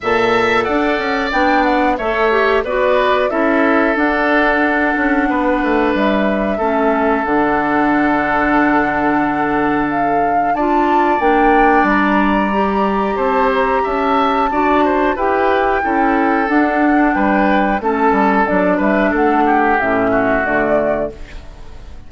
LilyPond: <<
  \new Staff \with { instrumentName = "flute" } { \time 4/4 \tempo 4 = 91 a''4 fis''4 g''8 fis''8 e''4 | d''4 e''4 fis''2~ | fis''4 e''2 fis''4~ | fis''2. f''4 |
a''4 g''4 ais''2 | a''8 ais''8 a''2 g''4~ | g''4 fis''4 g''4 a''4 | d''8 e''8 fis''4 e''4 d''4 | }
  \new Staff \with { instrumentName = "oboe" } { \time 4/4 e''4 d''2 cis''4 | b'4 a'2. | b'2 a'2~ | a'1 |
d''1 | c''4 e''4 d''8 c''8 b'4 | a'2 b'4 a'4~ | a'8 b'8 a'8 g'4 fis'4. | }
  \new Staff \with { instrumentName = "clarinet" } { \time 4/4 a'2 d'4 a'8 g'8 | fis'4 e'4 d'2~ | d'2 cis'4 d'4~ | d'1 |
f'4 d'2 g'4~ | g'2 fis'4 g'4 | e'4 d'2 cis'4 | d'2 cis'4 a4 | }
  \new Staff \with { instrumentName = "bassoon" } { \time 4/4 ais,4 d'8 cis'8 b4 a4 | b4 cis'4 d'4. cis'8 | b8 a8 g4 a4 d4~ | d1 |
d'4 ais4 g2 | c'4 cis'4 d'4 e'4 | cis'4 d'4 g4 a8 g8 | fis8 g8 a4 a,4 d4 | }
>>